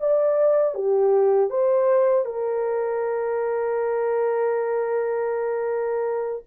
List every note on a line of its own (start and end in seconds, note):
0.00 0.74 D5
0.74 1.50 G4
1.50 2.25 C5
2.25 6.43 A#4